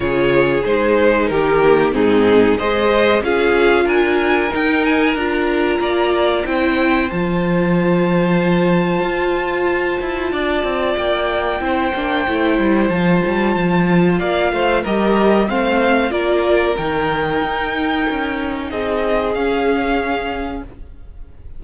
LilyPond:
<<
  \new Staff \with { instrumentName = "violin" } { \time 4/4 \tempo 4 = 93 cis''4 c''4 ais'4 gis'4 | dis''4 f''4 gis''4 g''8 gis''8 | ais''2 g''4 a''4~ | a''1~ |
a''4 g''2. | a''2 f''4 dis''4 | f''4 d''4 g''2~ | g''4 dis''4 f''2 | }
  \new Staff \with { instrumentName = "violin" } { \time 4/4 gis'2 g'4 dis'4 | c''4 gis'4 ais'2~ | ais'4 d''4 c''2~ | c''1 |
d''2 c''2~ | c''2 d''8 c''8 ais'4 | c''4 ais'2.~ | ais'4 gis'2. | }
  \new Staff \with { instrumentName = "viola" } { \time 4/4 f'4 dis'4. ais8 c'4 | gis'4 f'2 dis'4 | f'2 e'4 f'4~ | f'1~ |
f'2 e'8 d'8 e'4 | f'2. g'4 | c'4 f'4 dis'2~ | dis'2 cis'2 | }
  \new Staff \with { instrumentName = "cello" } { \time 4/4 cis4 gis4 dis4 gis,4 | gis4 cis'4 d'4 dis'4 | d'4 ais4 c'4 f4~ | f2 f'4. e'8 |
d'8 c'8 ais4 c'8 ais8 a8 g8 | f8 g8 f4 ais8 a8 g4 | a4 ais4 dis4 dis'4 | cis'4 c'4 cis'2 | }
>>